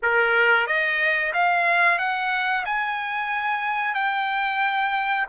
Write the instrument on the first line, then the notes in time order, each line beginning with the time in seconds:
trumpet
0.02 A#4
0.66 D#5
1.33 F5
1.98 F#5
2.65 G#5
3.94 G5